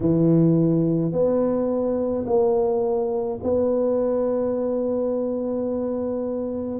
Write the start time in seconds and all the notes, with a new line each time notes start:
0.00 E3
1.12 B3
2.26 A#3
3.43 B3